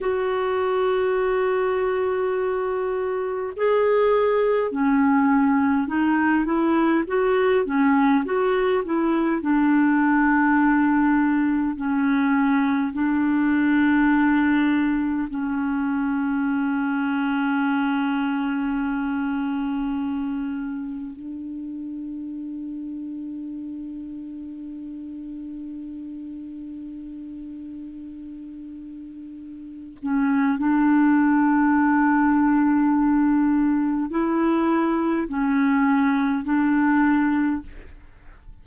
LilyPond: \new Staff \with { instrumentName = "clarinet" } { \time 4/4 \tempo 4 = 51 fis'2. gis'4 | cis'4 dis'8 e'8 fis'8 cis'8 fis'8 e'8 | d'2 cis'4 d'4~ | d'4 cis'2.~ |
cis'2 d'2~ | d'1~ | d'4. cis'8 d'2~ | d'4 e'4 cis'4 d'4 | }